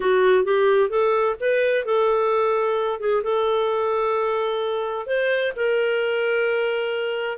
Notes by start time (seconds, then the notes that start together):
0.00 F#4
0.44 G4
0.89 A4
1.40 B4
1.85 A4
3.00 G#4
3.23 A4
5.06 C5
5.56 A#4